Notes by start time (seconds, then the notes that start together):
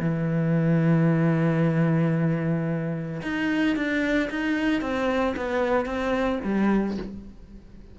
0.00 E3
3.22 D#4
3.75 D4
4.30 D#4
4.81 C4
5.36 B3
5.85 C4
6.44 G3